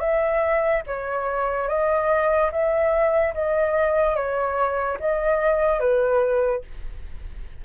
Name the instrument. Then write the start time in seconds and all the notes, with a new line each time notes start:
flute
0.00 E5
0.87 C#5
1.68 D#5
2.52 E5
3.34 D#5
4.16 C#5
5.00 D#5
5.80 B4